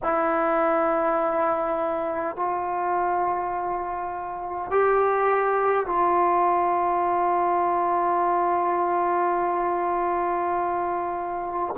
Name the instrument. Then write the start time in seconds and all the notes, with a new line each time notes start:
trombone
0.03 E4
2.36 F4
4.71 G4
5.86 F4